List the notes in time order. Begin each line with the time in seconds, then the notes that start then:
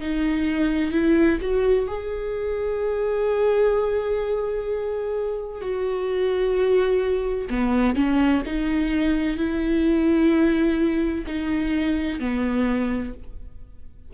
0.00 D#4
0.91 E4
1.41 F#4
1.87 G#4
5.61 F#4
7.49 B3
7.95 C#4
8.45 D#4
9.37 E4
11.26 D#4
12.19 B3